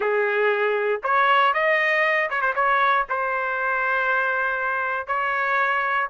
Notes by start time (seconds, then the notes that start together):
0.00 G#4
1.03 C#5
1.53 D#5
2.30 C#5
2.41 C5
2.55 C#5
3.09 C5
5.07 C#5